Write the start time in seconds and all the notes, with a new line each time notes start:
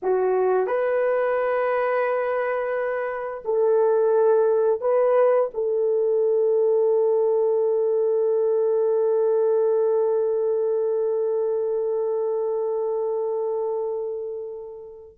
0.02 F#4
0.66 B4
3.45 A4
4.81 B4
5.53 A4